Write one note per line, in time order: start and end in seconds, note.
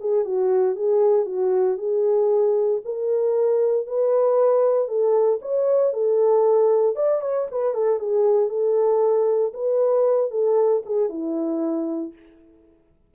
0.00 0.25 G#4
0.25 0.76 F#4
0.76 1.26 G#4
1.26 1.78 F#4
1.78 2.81 G#4
2.85 3.87 A#4
3.87 4.88 B4
4.88 5.40 A4
5.42 5.93 C#5
5.93 6.95 A4
6.95 7.21 D5
7.21 7.47 C#5
7.51 7.74 B4
7.74 7.99 A4
7.99 8.49 G#4
8.49 9.53 A4
9.54 10.31 B4
10.31 10.83 A4
10.86 11.09 G#4
11.09 12.13 E4